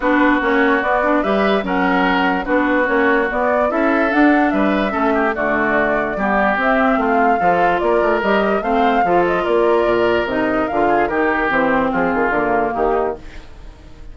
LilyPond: <<
  \new Staff \with { instrumentName = "flute" } { \time 4/4 \tempo 4 = 146 b'4 cis''4 d''4 e''4 | fis''2 b'4 cis''4 | d''4 e''4 fis''4 e''4~ | e''4 d''2. |
e''4 f''2 d''4 | dis''4 f''4. dis''8 d''4~ | d''4 dis''4 f''4 ais'4 | c''4 gis'4 ais'4 g'4 | }
  \new Staff \with { instrumentName = "oboe" } { \time 4/4 fis'2. b'4 | ais'2 fis'2~ | fis'4 a'2 b'4 | a'8 g'8 fis'2 g'4~ |
g'4 f'4 a'4 ais'4~ | ais'4 c''4 a'4 ais'4~ | ais'2~ ais'8 gis'8 g'4~ | g'4 f'2 dis'4 | }
  \new Staff \with { instrumentName = "clarinet" } { \time 4/4 d'4 cis'4 b8 d'8 g'4 | cis'2 d'4 cis'4 | b4 e'4 d'2 | cis'4 a2 b4 |
c'2 f'2 | g'4 c'4 f'2~ | f'4 dis'4 f'4 dis'4 | c'2 ais2 | }
  \new Staff \with { instrumentName = "bassoon" } { \time 4/4 b4 ais4 b4 g4 | fis2 b4 ais4 | b4 cis'4 d'4 g4 | a4 d2 g4 |
c'4 a4 f4 ais8 a8 | g4 a4 f4 ais4 | ais,4 c4 d4 dis4 | e4 f8 dis8 d4 dis4 | }
>>